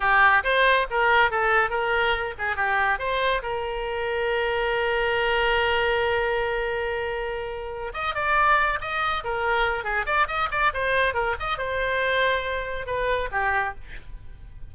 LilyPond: \new Staff \with { instrumentName = "oboe" } { \time 4/4 \tempo 4 = 140 g'4 c''4 ais'4 a'4 | ais'4. gis'8 g'4 c''4 | ais'1~ | ais'1~ |
ais'2~ ais'8 dis''8 d''4~ | d''8 dis''4 ais'4. gis'8 d''8 | dis''8 d''8 c''4 ais'8 dis''8 c''4~ | c''2 b'4 g'4 | }